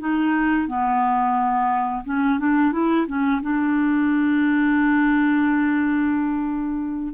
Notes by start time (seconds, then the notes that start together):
0.00 D#4
0.68 B3
2.05 C#4
2.39 D4
2.72 E4
3.07 C#4
3.42 D4